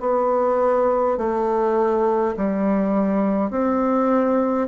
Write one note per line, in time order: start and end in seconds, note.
0.00 1.18 B3
1.18 2.35 A3
2.37 3.50 G3
3.50 4.68 C4